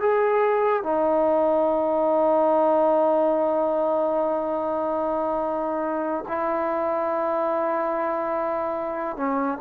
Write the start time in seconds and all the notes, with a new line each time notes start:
0.00 G#4
0.83 D#4
6.28 E4
9.16 C#4